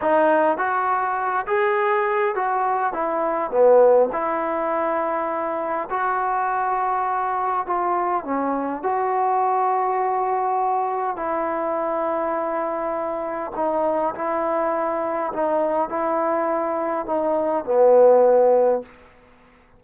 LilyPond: \new Staff \with { instrumentName = "trombone" } { \time 4/4 \tempo 4 = 102 dis'4 fis'4. gis'4. | fis'4 e'4 b4 e'4~ | e'2 fis'2~ | fis'4 f'4 cis'4 fis'4~ |
fis'2. e'4~ | e'2. dis'4 | e'2 dis'4 e'4~ | e'4 dis'4 b2 | }